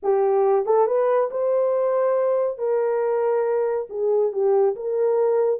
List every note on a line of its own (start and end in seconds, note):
0.02 0.65 G4
0.65 0.87 A4
0.87 1.30 B4
1.31 2.58 C5
2.58 3.87 A#4
3.89 4.32 G#4
4.32 4.75 G4
4.75 5.60 A#4